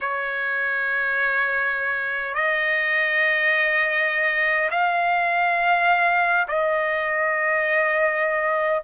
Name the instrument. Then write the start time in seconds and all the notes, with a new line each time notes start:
trumpet
0.00 C#5
2.34 D#5
4.71 F5
6.48 D#5